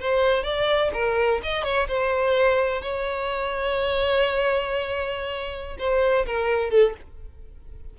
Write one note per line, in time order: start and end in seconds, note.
0.00 0.44 C5
0.44 0.91 D5
0.94 1.41 A#4
1.43 1.64 D#5
1.64 1.87 C#5
1.88 2.82 C5
2.82 5.77 C#5
5.79 6.26 C5
6.27 6.70 A#4
6.70 6.94 A4